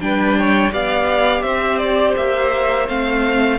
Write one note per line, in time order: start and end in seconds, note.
0.00 0.71 G3
0.00 0.72 D4
0.00 0.38 B4
0.00 0.72 G5
0.38 0.73 C#5
0.72 1.42 B3
0.72 2.86 G4
0.72 1.43 D5
0.72 1.42 F5
1.42 2.14 C4
1.42 3.57 C5
1.42 1.78 E5
1.78 2.14 D5
2.16 2.88 A#3
2.16 2.88 E5
2.88 3.58 A3
2.88 3.58 C4
2.88 3.58 F5